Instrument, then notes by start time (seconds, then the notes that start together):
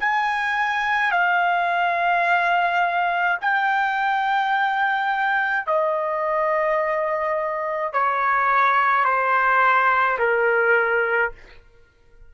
trumpet
0.00 G#5
1.12 F5
3.41 G5
5.67 D#5
7.93 C#5
9.05 C5
10.19 A#4